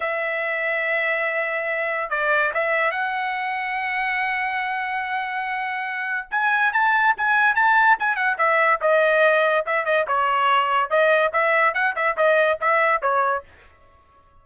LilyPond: \new Staff \with { instrumentName = "trumpet" } { \time 4/4 \tempo 4 = 143 e''1~ | e''4 d''4 e''4 fis''4~ | fis''1~ | fis''2. gis''4 |
a''4 gis''4 a''4 gis''8 fis''8 | e''4 dis''2 e''8 dis''8 | cis''2 dis''4 e''4 | fis''8 e''8 dis''4 e''4 cis''4 | }